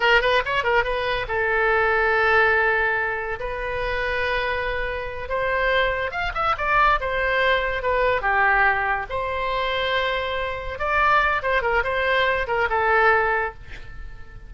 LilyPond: \new Staff \with { instrumentName = "oboe" } { \time 4/4 \tempo 4 = 142 ais'8 b'8 cis''8 ais'8 b'4 a'4~ | a'1 | b'1~ | b'8 c''2 f''8 e''8 d''8~ |
d''8 c''2 b'4 g'8~ | g'4. c''2~ c''8~ | c''4. d''4. c''8 ais'8 | c''4. ais'8 a'2 | }